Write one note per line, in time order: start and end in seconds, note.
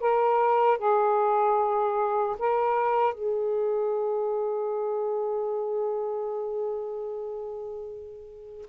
0.00 0.78 A#4
0.78 2.36 G#4
2.39 3.14 A#4
3.14 8.66 G#4